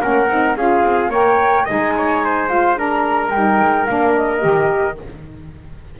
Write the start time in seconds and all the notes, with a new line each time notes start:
0.00 A#3 C#4 A#4 F#5
0.29 C4 D#4
0.56 C#4 F4 G#4 F5
0.82 C4
1.09 A#3 A#4 C#5 G5
1.65 G#3 D#4 D#5 G#5
1.97 C#5
2.24 C5
2.48 F4 F5
2.75 D4 A#4 A#5
3.30 G3 D#4 G5
3.61 G#3
3.86 A#3 D4 F5
4.15 D#5
4.40 D#3 G4